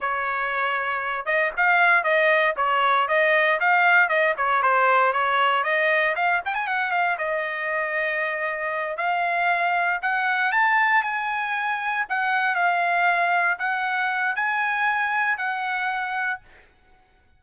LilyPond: \new Staff \with { instrumentName = "trumpet" } { \time 4/4 \tempo 4 = 117 cis''2~ cis''8 dis''8 f''4 | dis''4 cis''4 dis''4 f''4 | dis''8 cis''8 c''4 cis''4 dis''4 | f''8 g''16 gis''16 fis''8 f''8 dis''2~ |
dis''4. f''2 fis''8~ | fis''8 a''4 gis''2 fis''8~ | fis''8 f''2 fis''4. | gis''2 fis''2 | }